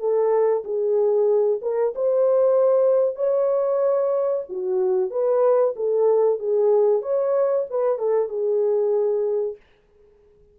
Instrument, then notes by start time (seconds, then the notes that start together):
horn
0.00 A4
0.65 G#4
1.62 A#4
1.96 C5
3.16 C#5
4.50 F#4
5.11 B4
5.76 A4
6.40 G#4
7.02 C#5
7.71 B4
7.99 A4
8.29 G#4